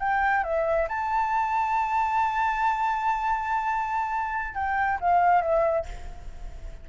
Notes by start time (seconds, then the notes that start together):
0.00 G5
0.44 E5
0.89 A5
4.55 G5
5.01 F5
5.41 E5